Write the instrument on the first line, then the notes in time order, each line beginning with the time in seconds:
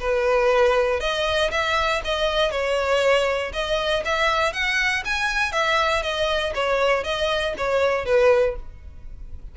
violin
0.00 B4
1.01 D#5
1.51 E5
2.05 D#5
2.51 C#5
3.53 D#5
4.05 E5
4.53 F#5
5.06 G#5
5.53 E5
6.03 D#5
6.55 C#5
7.04 D#5
7.58 C#5
8.06 B4